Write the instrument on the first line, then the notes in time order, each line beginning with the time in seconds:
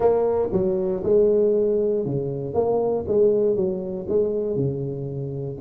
tuba
0.00 A#3
0.52 F#3
1.03 G#3
2.05 C#3
2.54 A#3
3.07 G#3
3.55 F#3
4.09 G#3
4.56 C#3